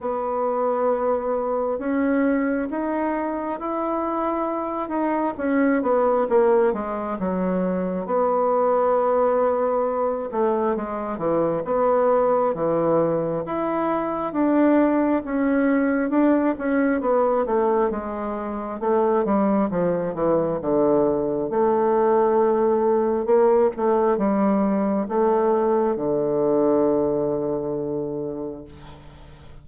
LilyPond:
\new Staff \with { instrumentName = "bassoon" } { \time 4/4 \tempo 4 = 67 b2 cis'4 dis'4 | e'4. dis'8 cis'8 b8 ais8 gis8 | fis4 b2~ b8 a8 | gis8 e8 b4 e4 e'4 |
d'4 cis'4 d'8 cis'8 b8 a8 | gis4 a8 g8 f8 e8 d4 | a2 ais8 a8 g4 | a4 d2. | }